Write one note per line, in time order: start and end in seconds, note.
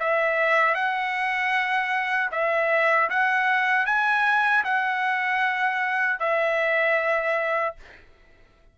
0.00 0.75 E5
0.75 2.31 F#5
2.32 3.10 E5
3.10 3.86 F#5
3.86 4.64 G#5
4.64 6.20 F#5
6.20 7.76 E5